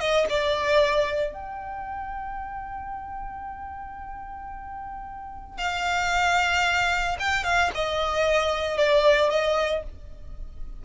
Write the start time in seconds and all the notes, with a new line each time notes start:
0.00 D#5
0.29 D5
1.33 G5
5.58 F5
7.19 G5
7.44 F5
7.75 D#5
8.78 D5
9.30 D#5